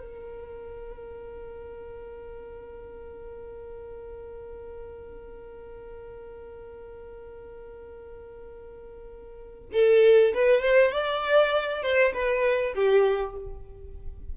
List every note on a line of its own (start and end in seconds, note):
0.00 9.70 A#4
9.73 10.33 A4
10.34 10.61 B4
10.61 10.92 C5
10.92 11.83 D5
11.83 12.13 C5
12.13 12.74 B4
12.75 13.36 G4